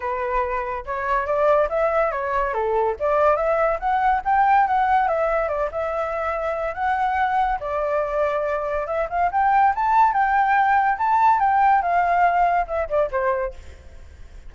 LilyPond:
\new Staff \with { instrumentName = "flute" } { \time 4/4 \tempo 4 = 142 b'2 cis''4 d''4 | e''4 cis''4 a'4 d''4 | e''4 fis''4 g''4 fis''4 | e''4 d''8 e''2~ e''8 |
fis''2 d''2~ | d''4 e''8 f''8 g''4 a''4 | g''2 a''4 g''4 | f''2 e''8 d''8 c''4 | }